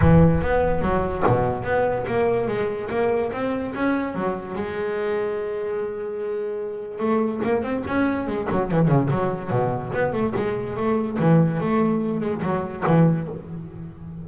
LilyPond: \new Staff \with { instrumentName = "double bass" } { \time 4/4 \tempo 4 = 145 e4 b4 fis4 b,4 | b4 ais4 gis4 ais4 | c'4 cis'4 fis4 gis4~ | gis1~ |
gis4 a4 ais8 c'8 cis'4 | gis8 fis8 e8 cis8 fis4 b,4 | b8 a8 gis4 a4 e4 | a4. gis8 fis4 e4 | }